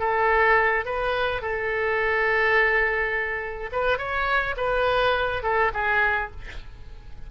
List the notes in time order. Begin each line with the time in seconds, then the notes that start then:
0.00 A4
0.85 B4
1.42 A4
3.72 B4
3.98 C#5
4.57 B4
5.43 A4
5.74 G#4